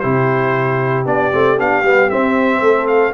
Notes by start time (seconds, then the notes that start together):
0.00 C3 E4 G4 C5
1.06 B3 D4 D5
1.32 A3 C4
1.58 B3 D4 F5
1.83 G3 B3
2.10 C4 E5
2.61 A3 A4
2.88 F5